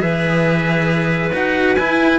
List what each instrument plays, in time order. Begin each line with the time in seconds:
0.00 cello E3 G#4, clarinet B4, trumpet E5
1.33 cello D#4 F#4, trumpet F#5
1.76 cello E4, trumpet G#5